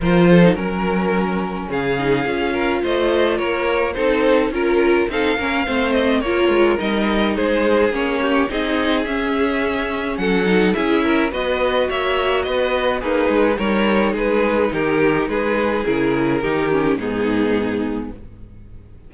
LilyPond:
<<
  \new Staff \with { instrumentName = "violin" } { \time 4/4 \tempo 4 = 106 c''4 ais'2 f''4~ | f''4 dis''4 cis''4 c''4 | ais'4 f''4. dis''8 cis''4 | dis''4 c''4 cis''4 dis''4 |
e''2 fis''4 e''4 | dis''4 e''4 dis''4 b'4 | cis''4 b'4 ais'4 b'4 | ais'2 gis'2 | }
  \new Staff \with { instrumentName = "violin" } { \time 4/4 ais'8 a'8 ais'2 gis'4~ | gis'8 ais'8 c''4 ais'4 a'4 | ais'4 a'8 ais'8 c''4 ais'4~ | ais'4 gis'4. g'8 gis'4~ |
gis'2 a'4 gis'8 ais'8 | b'4 cis''4 b'4 dis'4 | ais'4 gis'4 g'4 gis'4~ | gis'4 g'4 dis'2 | }
  \new Staff \with { instrumentName = "viola" } { \time 4/4 f'8. dis'16 cis'2~ cis'8 dis'8 | f'2. dis'4 | f'4 dis'8 cis'8 c'4 f'4 | dis'2 cis'4 dis'4 |
cis'2~ cis'8 dis'8 e'4 | fis'2. gis'4 | dis'1 | e'4 dis'8 cis'8 b2 | }
  \new Staff \with { instrumentName = "cello" } { \time 4/4 f4 fis2 cis4 | cis'4 a4 ais4 c'4 | cis'4 c'8 ais8 a4 ais8 gis8 | g4 gis4 ais4 c'4 |
cis'2 fis4 cis'4 | b4 ais4 b4 ais8 gis8 | g4 gis4 dis4 gis4 | cis4 dis4 gis,2 | }
>>